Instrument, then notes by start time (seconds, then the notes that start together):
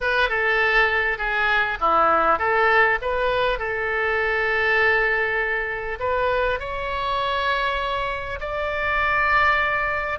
oboe
0.00 B4
0.29 A4
1.18 G#4
1.80 E4
2.38 A4
3.01 B4
3.58 A4
5.99 B4
6.59 C#5
8.40 D5